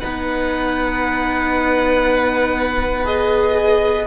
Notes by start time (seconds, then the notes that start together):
0.00 B3 D#4 B4 F#5
3.04 G#4 D#5